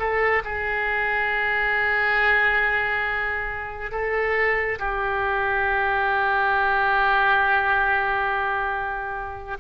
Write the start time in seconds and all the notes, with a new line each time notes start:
0.00 A4
0.45 G#4
3.92 A4
4.80 G4